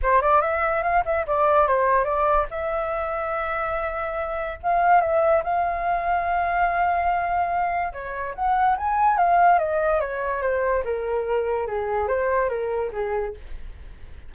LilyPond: \new Staff \with { instrumentName = "flute" } { \time 4/4 \tempo 4 = 144 c''8 d''8 e''4 f''8 e''8 d''4 | c''4 d''4 e''2~ | e''2. f''4 | e''4 f''2.~ |
f''2. cis''4 | fis''4 gis''4 f''4 dis''4 | cis''4 c''4 ais'2 | gis'4 c''4 ais'4 gis'4 | }